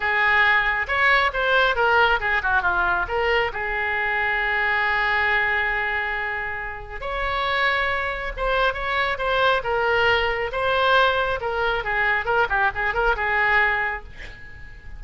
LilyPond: \new Staff \with { instrumentName = "oboe" } { \time 4/4 \tempo 4 = 137 gis'2 cis''4 c''4 | ais'4 gis'8 fis'8 f'4 ais'4 | gis'1~ | gis'1 |
cis''2. c''4 | cis''4 c''4 ais'2 | c''2 ais'4 gis'4 | ais'8 g'8 gis'8 ais'8 gis'2 | }